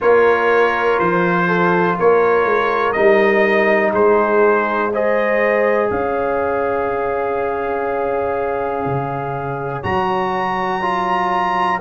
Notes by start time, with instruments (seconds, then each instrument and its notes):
0.00 tuba A#3, trombone F4, horn A#4, trumpet C#5
0.99 tuba F3, trumpet C5
1.47 horn A4
1.98 tuba A#3, horn A#4, trumpet C#5
2.45 tuba G#3
2.92 tuba G3, trombone D#4, trumpet D#5
3.92 tuba G#3, horn G#4, trumpet C5
4.93 trombone G#4, horn C5, trumpet D#5
5.90 tuba C#4, horn C#5, trumpet F5
8.85 tuba C#3
9.83 tuba F#3, trombone F#4, trumpet A#5
10.81 trombone F4